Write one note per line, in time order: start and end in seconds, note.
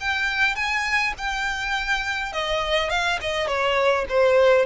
0.00 0.55 G5
0.55 1.14 G#5
1.18 2.33 G5
2.33 2.90 D#5
2.90 3.19 F5
3.21 3.47 D#5
3.47 4.06 C#5
4.09 4.66 C5